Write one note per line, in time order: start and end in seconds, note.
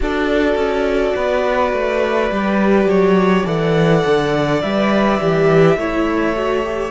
0.00 0.55 D4
0.00 2.30 F#4
0.00 1.15 A4
0.00 3.46 D5
0.55 1.13 C#4
1.15 1.73 B3
1.15 2.88 B4
1.73 2.30 A3
2.30 2.85 G3
2.30 3.45 G4
2.85 3.43 F#3
2.85 3.46 C#5
3.45 4.04 E3
3.45 4.61 A4
3.45 5.76 D5
3.45 4.62 F#5
4.05 4.62 D3
4.62 5.20 G3
4.62 5.20 B4
4.62 6.91 E5
5.20 5.76 E3
5.20 5.77 G4
5.76 6.91 A3
5.76 6.36 E4
5.76 6.91 C#5
6.36 6.64 F#4
6.64 6.91 G4